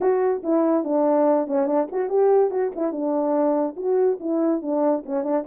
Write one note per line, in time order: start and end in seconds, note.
0.01 0.43 F#4
0.43 0.84 E4
0.84 1.47 D4
1.47 1.66 C#4
1.66 1.87 D4
1.91 2.09 F#4
2.09 2.50 G4
2.50 2.71 F#4
2.75 2.91 E4
2.91 3.75 D4
3.76 4.18 F#4
4.20 4.62 E4
4.62 5.03 D4
5.05 5.23 C#4
5.23 5.44 D4